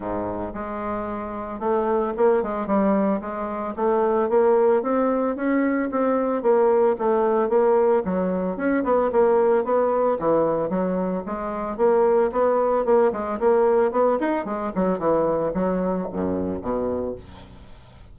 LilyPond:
\new Staff \with { instrumentName = "bassoon" } { \time 4/4 \tempo 4 = 112 gis,4 gis2 a4 | ais8 gis8 g4 gis4 a4 | ais4 c'4 cis'4 c'4 | ais4 a4 ais4 fis4 |
cis'8 b8 ais4 b4 e4 | fis4 gis4 ais4 b4 | ais8 gis8 ais4 b8 dis'8 gis8 fis8 | e4 fis4 fis,4 b,4 | }